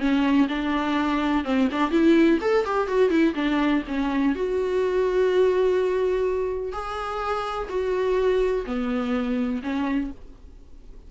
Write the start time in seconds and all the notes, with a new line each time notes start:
0.00 C#4
0.48 D4
1.45 C4
1.72 D4
1.91 E4
2.41 A4
2.66 G4
2.88 F#4
3.10 E4
3.35 D4
3.88 C#4
4.35 F#4
6.73 G#4
7.70 F#4
8.66 B3
9.63 C#4